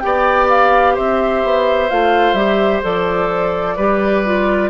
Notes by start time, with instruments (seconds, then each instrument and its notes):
0.00 bassoon B3, clarinet G4, oboe D5, flute G5
0.49 flute F5
0.95 bassoon C4, oboe C5, flute E5
1.44 bassoon B3
1.90 bassoon A3, clarinet F4, flute F5
2.34 bassoon G3, clarinet G4, flute E5
2.83 bassoon F3, clarinet A4, flute D5
3.76 bassoon G3, clarinet G4, oboe B4
4.25 clarinet F4